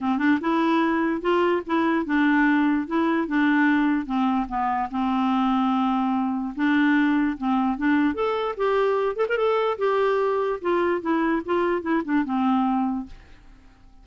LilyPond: \new Staff \with { instrumentName = "clarinet" } { \time 4/4 \tempo 4 = 147 c'8 d'8 e'2 f'4 | e'4 d'2 e'4 | d'2 c'4 b4 | c'1 |
d'2 c'4 d'4 | a'4 g'4. a'16 ais'16 a'4 | g'2 f'4 e'4 | f'4 e'8 d'8 c'2 | }